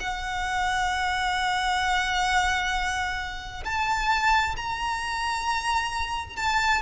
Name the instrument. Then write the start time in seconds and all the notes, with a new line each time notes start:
violin
0.00 F#5
3.64 A5
4.57 A#5
6.36 A5